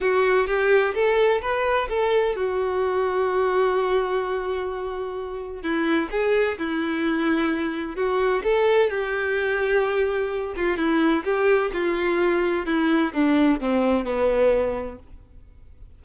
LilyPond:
\new Staff \with { instrumentName = "violin" } { \time 4/4 \tempo 4 = 128 fis'4 g'4 a'4 b'4 | a'4 fis'2.~ | fis'1 | e'4 gis'4 e'2~ |
e'4 fis'4 a'4 g'4~ | g'2~ g'8 f'8 e'4 | g'4 f'2 e'4 | d'4 c'4 b2 | }